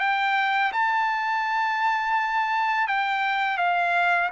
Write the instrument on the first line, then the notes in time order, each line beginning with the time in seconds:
trumpet
0.00 G5
0.73 A5
2.88 G5
3.58 F5